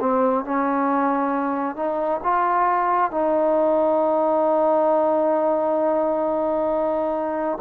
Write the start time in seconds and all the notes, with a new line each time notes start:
0.00 C4
0.45 C#4
1.76 D#4
2.23 F4
3.11 D#4